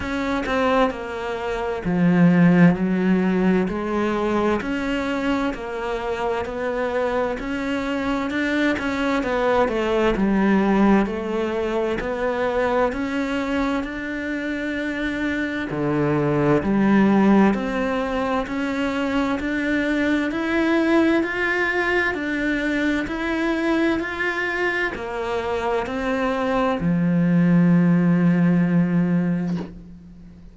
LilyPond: \new Staff \with { instrumentName = "cello" } { \time 4/4 \tempo 4 = 65 cis'8 c'8 ais4 f4 fis4 | gis4 cis'4 ais4 b4 | cis'4 d'8 cis'8 b8 a8 g4 | a4 b4 cis'4 d'4~ |
d'4 d4 g4 c'4 | cis'4 d'4 e'4 f'4 | d'4 e'4 f'4 ais4 | c'4 f2. | }